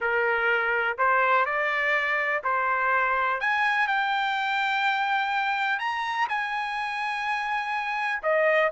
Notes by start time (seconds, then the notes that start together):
0.00 A#4
0.97 C5
1.45 D5
2.43 C5
3.40 G#5
3.87 G5
5.79 A#5
6.29 G#5
8.22 D#5